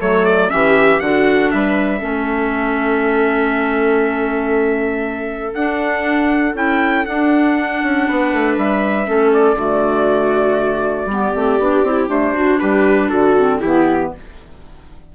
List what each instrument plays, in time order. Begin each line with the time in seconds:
0.00 bassoon F#3, clarinet A3, viola A4, trumpet C#5
0.26 trumpet D5
0.50 bassoon E3, clarinet C#4, viola G4, trumpet E5
1.01 bassoon D3, clarinet D4, viola F#4, trumpet F#5
1.51 bassoon G3, viola B4, trumpet E5
1.99 bassoon A3, clarinet C#4, viola A4
5.55 bassoon D4, clarinet D4, trumpet F#5
6.55 bassoon C#4, clarinet E4, trumpet G5
7.06 clarinet D4, bassoon D4, trumpet F#5
7.83 bassoon C#4
8.08 bassoon B3, viola B4
8.33 bassoon A3
8.58 bassoon G3, trumpet E5
9.06 bassoon A3, clarinet C#4, viola A4
9.34 trumpet D5
9.55 bassoon D3, clarinet A3, viola F#4
11.05 bassoon G3, clarinet B3
11.12 viola G4
11.35 bassoon A3, clarinet C4
11.59 bassoon B3, clarinet D4
11.84 bassoon C4, clarinet E4
12.08 clarinet A3, bassoon D4, trumpet C5
12.34 clarinet D4, viola F#4
12.60 bassoon G3, viola G4, trumpet B4
13.09 bassoon D3, viola F#4, trumpet A4
13.37 clarinet C4
13.60 bassoon E3, clarinet B3, viola E4, trumpet G4